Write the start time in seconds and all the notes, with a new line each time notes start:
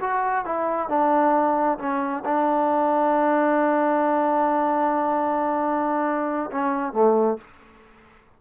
0.00 F#4
0.45 E4
0.89 D4
1.78 C#4
2.25 D4
6.51 C#4
6.92 A3